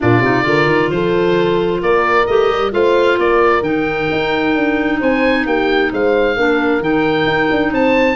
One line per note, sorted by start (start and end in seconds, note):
0.00 0.20 A#2
0.00 0.21 D4
0.00 0.46 F4
0.00 0.90 D5
0.20 0.43 C3
0.20 0.42 D#4
0.42 0.66 D3
0.42 2.24 F4
0.42 0.91 A#4
0.66 0.88 D#3
0.90 1.81 F3
0.90 1.81 A4
0.90 1.81 C5
1.81 2.27 A#3
1.81 2.72 A#4
1.81 2.26 D5
2.26 2.50 A3
2.26 2.71 G4
2.26 2.71 D#5
2.50 2.72 G3
2.71 3.18 A3
2.71 3.62 F4
2.71 3.19 C5
2.71 3.19 F5
3.18 3.61 A#3
3.18 4.99 A#4
3.18 3.63 D5
3.61 4.07 D#3
3.61 6.36 D#4
3.61 4.99 G5
4.11 4.55 D#4
4.55 5.00 D4
4.99 5.45 C4
4.99 5.44 C5
4.99 5.46 G#5
5.45 5.91 A#3
5.45 5.92 G4
5.45 5.92 G5
5.92 6.36 G#3
5.92 6.36 C5
5.92 6.83 F5
6.36 6.80 A#3
6.36 6.81 D4
6.36 7.72 A#4
6.80 7.25 D#3
6.80 8.16 D#4
6.80 7.73 G5
7.26 7.49 D#4
7.51 7.71 D4
7.71 8.16 C4
7.71 8.16 C5
7.71 8.16 A5